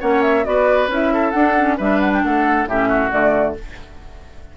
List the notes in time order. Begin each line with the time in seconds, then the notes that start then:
0.00 A#3 C#4 C#5 F#5
0.22 E5
0.44 B3 F#4 B4 D5
0.88 C#4 E4
0.94 E5
1.13 A4
1.31 D4 F#5
1.57 C#4
1.77 G3 D4 B4 E5
2.00 F#5
2.13 G5
2.24 A3 A4 F#5
2.66 A2 C#4 G4 E5
2.88 F#4
3.10 D3 A3 D5